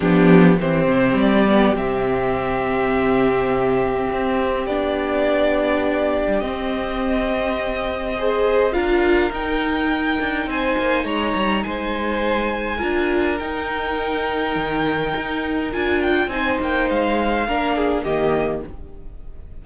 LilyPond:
<<
  \new Staff \with { instrumentName = "violin" } { \time 4/4 \tempo 4 = 103 g'4 c''4 d''4 e''4~ | e''1 | d''2. dis''4~ | dis''2. f''4 |
g''2 gis''4 ais''4 | gis''2. g''4~ | g''2. gis''8 g''8 | gis''8 g''8 f''2 dis''4 | }
  \new Staff \with { instrumentName = "violin" } { \time 4/4 d'4 g'2.~ | g'1~ | g'1~ | g'2 c''4 ais'4~ |
ais'2 c''4 cis''4 | c''2 ais'2~ | ais'1 | c''2 ais'8 gis'8 g'4 | }
  \new Staff \with { instrumentName = "viola" } { \time 4/4 b4 c'4. b8 c'4~ | c'1 | d'2. c'4~ | c'2 gis'4 f'4 |
dis'1~ | dis'2 f'4 dis'4~ | dis'2. f'4 | dis'2 d'4 ais4 | }
  \new Staff \with { instrumentName = "cello" } { \time 4/4 f4 e8 c8 g4 c4~ | c2. c'4 | b2~ b8. g16 c'4~ | c'2. d'4 |
dis'4. d'8 c'8 ais8 gis8 g8 | gis2 d'4 dis'4~ | dis'4 dis4 dis'4 d'4 | c'8 ais8 gis4 ais4 dis4 | }
>>